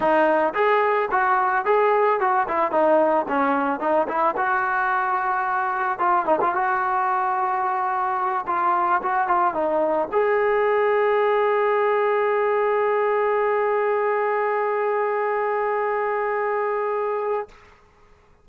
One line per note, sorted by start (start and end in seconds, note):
0.00 0.53 D#4
0.54 1.09 G#4
1.11 1.65 F#4
1.65 2.19 G#4
2.19 2.47 F#4
2.48 2.71 E4
2.71 3.26 D#4
3.28 3.80 C#4
3.80 4.07 D#4
4.08 4.35 E4
4.36 5.99 F#4
5.99 6.25 F4
6.25 6.39 D#4
6.41 6.54 F4
6.54 8.45 F#4
8.46 9.01 F4
9.02 9.27 F#4
9.27 9.54 F4
9.54 10.08 D#4
10.12 17.48 G#4